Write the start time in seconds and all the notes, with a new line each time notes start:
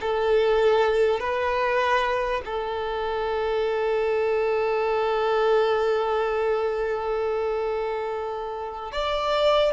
0.00 A4
1.19 B4
2.45 A4
8.92 D5